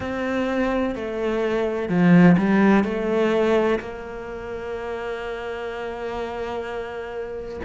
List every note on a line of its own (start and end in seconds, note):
0.00 0.95 C4
0.95 1.88 A3
1.88 2.36 F3
2.37 2.84 G3
2.84 3.79 A3
3.79 7.60 A#3